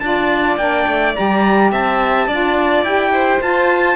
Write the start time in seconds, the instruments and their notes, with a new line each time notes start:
0.00 cello D4, saxophone F4, violin D5, trumpet A5
0.57 cello A#3, saxophone D4, trumpet G5
0.87 cello A3
1.15 cello G3, saxophone G4, trumpet A#5
1.71 cello C4, violin E5, trumpet A5
2.27 cello D4, saxophone F4, violin D5
2.82 cello E4, saxophone G4, trumpet G5
3.13 violin C5
3.41 saxophone F4, cello F4, trumpet A5